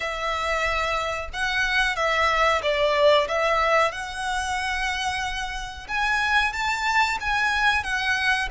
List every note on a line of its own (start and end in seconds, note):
0.00 1.29 E5
1.33 1.96 F#5
1.96 2.61 E5
2.62 3.27 D5
3.28 3.91 E5
3.91 5.87 F#5
5.88 6.52 G#5
6.52 7.18 A5
7.20 7.83 G#5
7.83 8.48 F#5